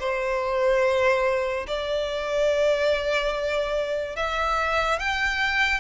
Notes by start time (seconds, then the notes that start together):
0.00 C5
1.67 D5
4.16 E5
5.00 G5